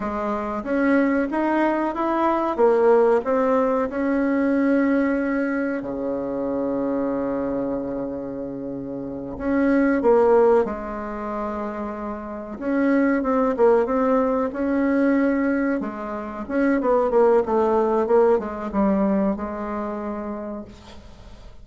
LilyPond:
\new Staff \with { instrumentName = "bassoon" } { \time 4/4 \tempo 4 = 93 gis4 cis'4 dis'4 e'4 | ais4 c'4 cis'2~ | cis'4 cis2.~ | cis2~ cis8 cis'4 ais8~ |
ais8 gis2. cis'8~ | cis'8 c'8 ais8 c'4 cis'4.~ | cis'8 gis4 cis'8 b8 ais8 a4 | ais8 gis8 g4 gis2 | }